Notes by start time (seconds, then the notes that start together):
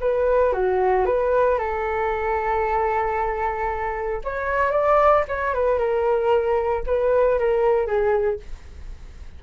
0.00 B4
0.53 F#4
1.06 B4
1.58 A4
4.24 C#5
4.71 D5
5.28 C#5
5.54 B4
5.78 A#4
6.86 B4
7.39 A#4
7.87 G#4